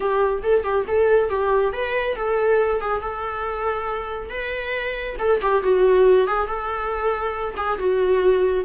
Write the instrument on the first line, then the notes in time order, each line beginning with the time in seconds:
viola
0.00 G4
0.42 A4
0.63 G4
0.87 A4
1.29 G4
1.72 B4
2.16 A4
2.80 G#4
3.01 A4
4.29 B4
5.18 A4
5.41 G4
5.63 F#4
6.27 G#4
6.47 A4
7.57 G#4
7.78 F#4